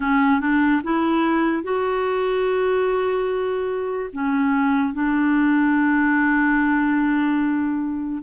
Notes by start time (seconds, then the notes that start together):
0.00 C#4
0.40 D4
0.83 E4
1.63 F#4
4.12 C#4
4.93 D4